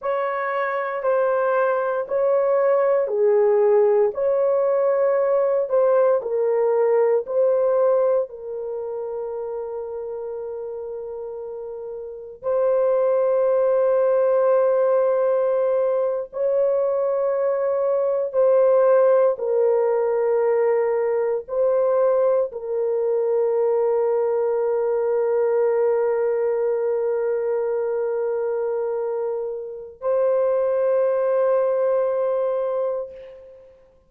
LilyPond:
\new Staff \with { instrumentName = "horn" } { \time 4/4 \tempo 4 = 58 cis''4 c''4 cis''4 gis'4 | cis''4. c''8 ais'4 c''4 | ais'1 | c''2.~ c''8. cis''16~ |
cis''4.~ cis''16 c''4 ais'4~ ais'16~ | ais'8. c''4 ais'2~ ais'16~ | ais'1~ | ais'4 c''2. | }